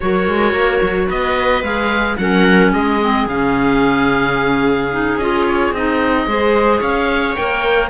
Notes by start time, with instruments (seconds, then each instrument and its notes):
0.00 cello F#3, clarinet F#4, viola A#4, oboe C#5
0.27 cello G#3
0.52 cello A#3
0.82 cello F#3
1.08 cello B3, viola B4, oboe D#5
1.62 cello G#3, clarinet G#4, oboe F5
2.17 cello F#3, clarinet C#4, viola A#4, oboe F#5
2.72 cello G#3, viola G#4, oboe D#5
3.01 clarinet C4
3.26 cello C#3, clarinet C#4, oboe F5
4.92 clarinet D#4
5.17 cello C#4, clarinet F4, oboe D#5
5.47 oboe C#5
5.72 cello C4, clarinet D#4, oboe D#5
6.26 cello G#3, clarinet G#4, viola C5
6.80 cello C#4, viola C#5, oboe F5
7.36 cello A#3, clarinet A#4, oboe G5